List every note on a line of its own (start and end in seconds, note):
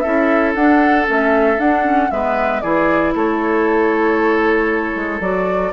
0.00 0.55 C#4
0.00 0.57 E4
0.00 2.10 A4
0.00 0.52 E5
0.55 1.07 D4
0.55 1.06 D4
0.55 1.07 F#5
1.06 1.58 A3
1.06 1.58 C#4
1.06 1.60 E5
1.58 2.10 D4
1.58 1.83 D4
1.58 2.11 F#5
1.83 2.09 C#4
2.11 2.63 G#3
2.11 2.63 B3
2.11 2.63 B4
2.11 2.61 E5
2.61 3.15 E3
2.61 5.22 E4
2.61 3.14 G#4
2.61 3.13 D5
3.15 4.95 A3
3.15 5.73 A4
3.15 5.22 C#5
4.95 5.20 G#3
5.20 5.72 F#3
5.20 5.73 F#4
5.20 5.73 D5